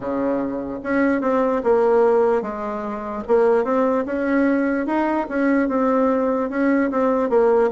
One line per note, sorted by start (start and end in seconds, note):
0.00 0.79 C#3
0.83 1.21 C#4
1.21 1.61 C4
1.63 2.42 A#3
2.42 3.23 G#3
3.27 3.64 A#3
3.64 4.04 C4
4.05 4.86 C#4
4.86 5.27 D#4
5.28 5.68 C#4
5.68 6.49 C4
6.49 6.90 C#4
6.90 7.29 C4
7.29 7.70 A#3